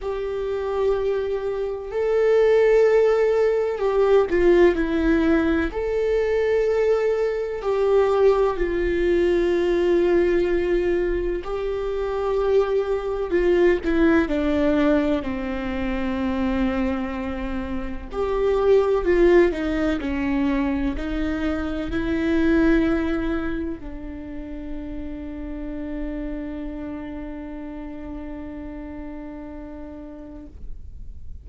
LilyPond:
\new Staff \with { instrumentName = "viola" } { \time 4/4 \tempo 4 = 63 g'2 a'2 | g'8 f'8 e'4 a'2 | g'4 f'2. | g'2 f'8 e'8 d'4 |
c'2. g'4 | f'8 dis'8 cis'4 dis'4 e'4~ | e'4 d'2.~ | d'1 | }